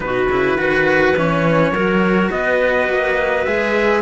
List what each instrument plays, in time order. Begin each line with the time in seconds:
0.00 cello B2 D#4, clarinet F#4, trumpet B4
0.28 cello C#3 E4
0.55 cello D#3 F#4, clarinet B4
1.16 cello E3 C#4, trumpet C#5
1.71 cello F#3 F#4, clarinet A#4
2.30 cello B3, clarinet B4, trumpet D#5
2.88 cello A#3
3.44 cello G#3 G#4, trumpet E5